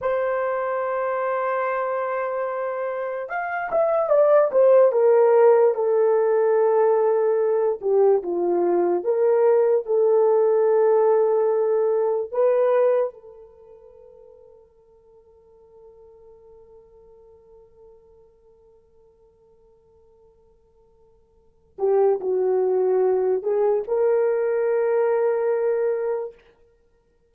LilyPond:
\new Staff \with { instrumentName = "horn" } { \time 4/4 \tempo 4 = 73 c''1 | f''8 e''8 d''8 c''8 ais'4 a'4~ | a'4. g'8 f'4 ais'4 | a'2. b'4 |
a'1~ | a'1~ | a'2~ a'8 g'8 fis'4~ | fis'8 gis'8 ais'2. | }